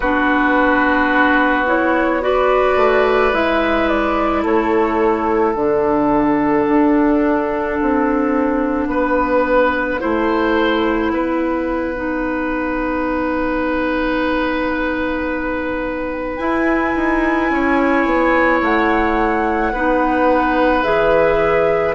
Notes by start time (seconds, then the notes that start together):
0.00 B3 D4 F#4 B4
1.66 E4 C#5
2.21 F#4 B4 D5
2.76 A3
3.32 G#3 E4 E5
3.88 D5
4.42 A3 A4 C#5
5.53 D3 D4 F#5
6.68 D4
7.81 C4
8.87 B3 B4
9.99 A3 E4 C5
11.12 B3 B4
11.95 D#4
16.36 E4 G#5
16.95 D#4
17.50 C#4 C#5
18.05 B3
18.61 A3 F#5
19.72 B3 D#4 B4
20.83 E3 G#4 E5